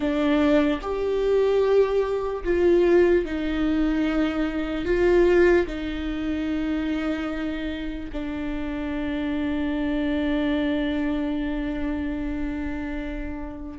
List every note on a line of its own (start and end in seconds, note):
0.00 0.79 D4
0.81 2.43 G4
2.44 3.25 F4
3.25 4.85 D#4
4.85 5.66 F4
5.66 8.09 D#4
8.12 13.78 D4